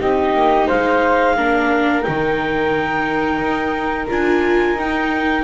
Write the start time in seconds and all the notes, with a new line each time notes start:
0.00 C4 D#4 G4 D#5
0.34 A#3
0.67 G#3 C5 F5
1.37 A#3 D4 A#4
2.02 D#3 D#4 G5
3.39 D#4
4.09 D4 F4 G#5
4.74 D#4 G5